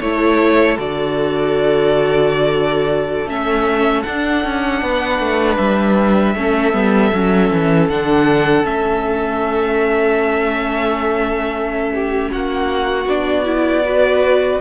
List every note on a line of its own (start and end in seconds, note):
0.00 0.77 A3
0.00 0.78 E4
0.00 4.82 A4
0.00 0.77 C#5
0.78 3.25 D3
0.78 3.27 F#4
0.78 3.29 D5
3.25 4.02 A3
3.25 4.04 C#4
3.25 4.02 E5
4.02 6.35 D4
4.02 4.44 D4
4.02 5.56 F#5
4.44 4.82 C#4
4.82 5.19 B3
4.82 6.36 B4
5.19 5.57 A3
5.57 6.35 G3
5.57 7.88 E5
6.35 6.73 A3
6.35 6.72 C#4
6.35 11.93 A4
6.72 7.11 G3
6.72 7.11 B3
7.13 7.51 F#3
7.13 7.91 C#4
7.51 7.89 E3
7.89 8.64 D3
7.89 8.63 D4
7.89 8.65 F#5
8.63 12.29 A3
8.63 13.05 C#4
8.63 12.31 E5
11.94 12.31 G4
12.31 13.05 A#3
12.31 13.85 F#4
12.31 13.09 F#5
13.05 14.59 B3
13.05 13.44 D4
13.05 14.61 D5
13.44 13.83 E4
13.85 14.61 F#4
13.85 14.61 B4